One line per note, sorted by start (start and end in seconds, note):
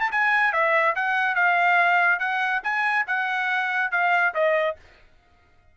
0.00 0.11 A5
0.11 0.53 G#5
0.53 0.95 E5
0.95 1.35 F#5
1.35 2.19 F5
2.19 2.62 F#5
2.64 3.06 G#5
3.07 3.91 F#5
3.92 4.34 F5
4.34 4.76 D#5